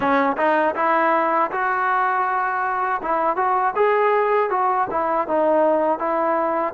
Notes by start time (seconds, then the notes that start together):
0.00 C#4
0.37 D#4
0.75 E4
1.51 F#4
3.02 E4
3.36 F#4
3.75 G#4
4.50 F#4
4.90 E4
5.27 D#4
5.98 E4